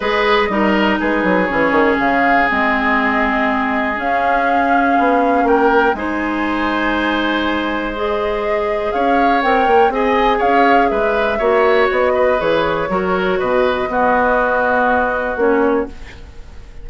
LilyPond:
<<
  \new Staff \with { instrumentName = "flute" } { \time 4/4 \tempo 4 = 121 dis''2 b'4 cis''4 | f''4 dis''2. | f''2. g''4 | gis''1 |
dis''2 f''4 g''4 | gis''4 f''4 e''2 | dis''4 cis''2 dis''4~ | dis''2. cis''4 | }
  \new Staff \with { instrumentName = "oboe" } { \time 4/4 b'4 ais'4 gis'2~ | gis'1~ | gis'2. ais'4 | c''1~ |
c''2 cis''2 | dis''4 cis''4 b'4 cis''4~ | cis''8 b'4. ais'4 b'4 | fis'1 | }
  \new Staff \with { instrumentName = "clarinet" } { \time 4/4 gis'4 dis'2 cis'4~ | cis'4 c'2. | cis'1 | dis'1 |
gis'2. ais'4 | gis'2. fis'4~ | fis'4 gis'4 fis'2 | b2. cis'4 | }
  \new Staff \with { instrumentName = "bassoon" } { \time 4/4 gis4 g4 gis8 fis8 e8 dis8 | cis4 gis2. | cis'2 b4 ais4 | gis1~ |
gis2 cis'4 c'8 ais8 | c'4 cis'4 gis4 ais4 | b4 e4 fis4 b,4 | b2. ais4 | }
>>